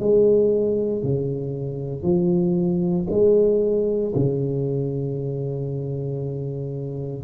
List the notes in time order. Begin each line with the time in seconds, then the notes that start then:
0.00 G#3
1.03 C#3
2.03 F3
3.10 G#3
4.16 C#3